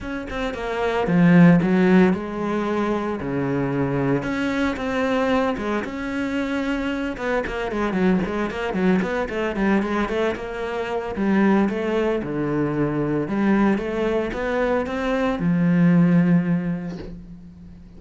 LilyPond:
\new Staff \with { instrumentName = "cello" } { \time 4/4 \tempo 4 = 113 cis'8 c'8 ais4 f4 fis4 | gis2 cis2 | cis'4 c'4. gis8 cis'4~ | cis'4. b8 ais8 gis8 fis8 gis8 |
ais8 fis8 b8 a8 g8 gis8 a8 ais8~ | ais4 g4 a4 d4~ | d4 g4 a4 b4 | c'4 f2. | }